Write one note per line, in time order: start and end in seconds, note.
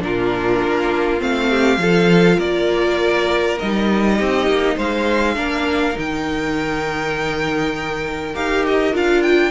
0.00 0.61 A#2
0.00 1.19 D4
0.00 1.50 F4
0.00 1.21 A#4
0.63 1.21 A#3
1.19 1.78 A3
1.19 1.79 C4
1.19 2.40 F5
1.50 1.80 G4
1.78 2.37 F3
1.78 3.58 F4
1.78 2.37 A4
2.37 3.58 A#3
2.37 4.15 A#4
2.37 3.58 D5
3.59 4.21 G3
3.59 5.36 D#4
3.59 4.77 D#5
4.16 4.47 C4
4.16 4.75 G4
4.47 4.76 A#3
4.76 5.37 G#3
4.76 5.35 C5
4.76 5.98 F5
5.36 5.96 A#3
5.36 5.94 D4
5.36 9.50 A#4
5.94 8.35 D#3
5.94 8.31 D#4
5.94 8.36 G5
8.35 8.93 D#4
8.35 8.93 G4
8.35 8.65 F5
8.66 8.96 D#5
8.93 9.50 D4
8.93 9.50 F4
8.93 9.23 F5
9.23 9.50 G5